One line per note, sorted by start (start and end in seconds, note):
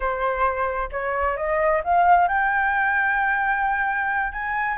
0.00 0.89 C5
0.91 1.36 C#5
1.36 1.82 D#5
1.83 2.28 F5
2.28 4.32 G5
4.32 4.77 G#5